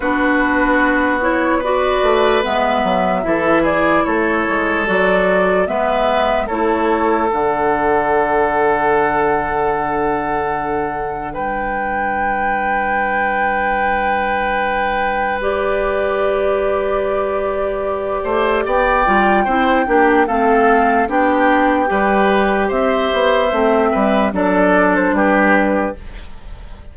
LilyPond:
<<
  \new Staff \with { instrumentName = "flute" } { \time 4/4 \tempo 4 = 74 b'4. cis''8 d''4 e''4~ | e''8 d''8 cis''4 d''4 e''4 | cis''4 fis''2.~ | fis''2 g''2~ |
g''2. d''4~ | d''2. g''4~ | g''4 f''4 g''2 | e''2 d''8. c''16 b'4 | }
  \new Staff \with { instrumentName = "oboe" } { \time 4/4 fis'2 b'2 | a'8 gis'8 a'2 b'4 | a'1~ | a'2 b'2~ |
b'1~ | b'2~ b'8 c''8 d''4 | c''8 g'8 a'4 g'4 b'4 | c''4. b'8 a'4 g'4 | }
  \new Staff \with { instrumentName = "clarinet" } { \time 4/4 d'4. e'8 fis'4 b4 | e'2 fis'4 b4 | e'4 d'2.~ | d'1~ |
d'2. g'4~ | g'2.~ g'8 f'8 | e'8 d'8 c'4 d'4 g'4~ | g'4 c'4 d'2 | }
  \new Staff \with { instrumentName = "bassoon" } { \time 4/4 b2~ b8 a8 gis8 fis8 | e4 a8 gis8 fis4 gis4 | a4 d2.~ | d2 g2~ |
g1~ | g2~ g8 a8 b8 g8 | c'8 ais8 a4 b4 g4 | c'8 b8 a8 g8 fis4 g4 | }
>>